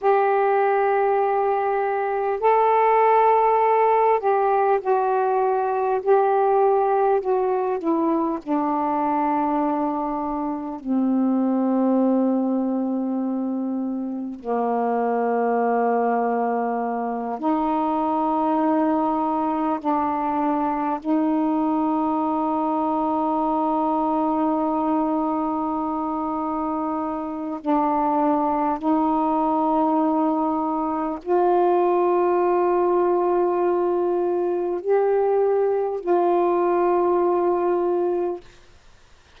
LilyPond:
\new Staff \with { instrumentName = "saxophone" } { \time 4/4 \tempo 4 = 50 g'2 a'4. g'8 | fis'4 g'4 fis'8 e'8 d'4~ | d'4 c'2. | ais2~ ais8 dis'4.~ |
dis'8 d'4 dis'2~ dis'8~ | dis'2. d'4 | dis'2 f'2~ | f'4 g'4 f'2 | }